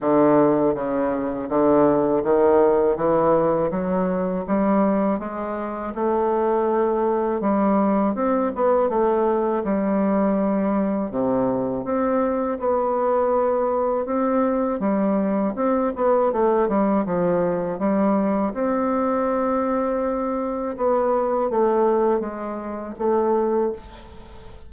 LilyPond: \new Staff \with { instrumentName = "bassoon" } { \time 4/4 \tempo 4 = 81 d4 cis4 d4 dis4 | e4 fis4 g4 gis4 | a2 g4 c'8 b8 | a4 g2 c4 |
c'4 b2 c'4 | g4 c'8 b8 a8 g8 f4 | g4 c'2. | b4 a4 gis4 a4 | }